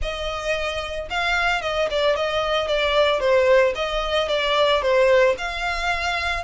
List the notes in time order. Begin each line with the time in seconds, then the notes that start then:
0.01 D#5
1.10 F5
1.61 D#5
1.90 D5
2.16 D#5
2.67 D5
3.20 C5
3.75 D#5
4.28 D5
4.81 C5
5.37 F5